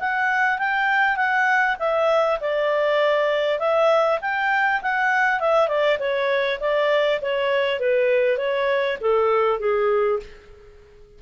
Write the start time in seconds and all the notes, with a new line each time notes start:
0.00 F#5
0.59 G5
1.17 F#5
1.79 E5
2.41 D5
3.59 E5
4.22 G5
4.82 F#5
5.41 E5
5.69 D5
6.00 C#5
6.61 D5
7.22 C#5
7.80 B4
8.38 C#5
9.01 A4
9.60 G#4